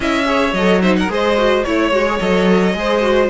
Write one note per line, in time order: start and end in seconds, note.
0.00 0.52 C#4
0.00 0.25 E4
0.00 0.26 D#5
0.00 0.53 E5
0.25 0.52 G#4
0.25 0.82 C#5
0.52 1.07 F#3
0.52 0.82 A4
0.52 0.81 D#5
0.82 1.08 D#4
0.82 0.96 C5
0.82 0.95 E5
0.96 1.11 A#4
0.96 1.10 F#5
1.08 1.64 G#3
1.08 1.36 G#4
1.08 1.66 C5
1.08 1.63 D#5
1.37 1.64 F#4
1.63 1.91 A3
1.63 1.93 E4
1.63 2.18 C#5
1.63 2.77 C#5
1.91 2.19 G#3
1.91 2.06 F#4
2.06 2.19 G#4
2.19 2.74 F#3
2.19 2.73 A4
2.19 3.29 D#5
2.73 3.29 G#3
2.73 3.01 G#4
2.73 3.29 C5
3.01 3.28 F#4